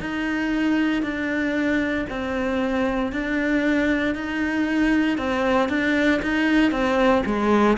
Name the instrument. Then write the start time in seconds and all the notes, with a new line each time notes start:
cello
0.00 D#4
1.03 D4
2.09 C4
3.12 D4
4.15 D#4
5.18 C4
5.69 D4
6.22 D#4
6.71 C4
7.26 G#3